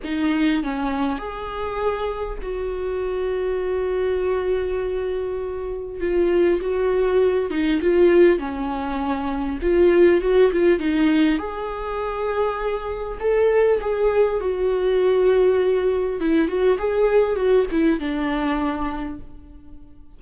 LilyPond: \new Staff \with { instrumentName = "viola" } { \time 4/4 \tempo 4 = 100 dis'4 cis'4 gis'2 | fis'1~ | fis'2 f'4 fis'4~ | fis'8 dis'8 f'4 cis'2 |
f'4 fis'8 f'8 dis'4 gis'4~ | gis'2 a'4 gis'4 | fis'2. e'8 fis'8 | gis'4 fis'8 e'8 d'2 | }